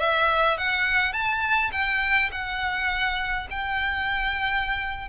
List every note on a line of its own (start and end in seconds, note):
0.00 0.58 E5
0.58 1.13 F#5
1.13 1.71 A5
1.73 2.31 G5
2.32 3.48 F#5
3.51 5.09 G5